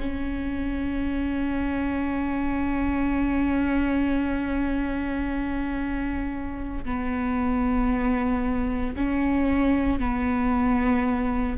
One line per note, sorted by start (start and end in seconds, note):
0.00 6.84 C#4
6.85 8.95 B3
8.96 10.00 C#4
10.00 11.57 B3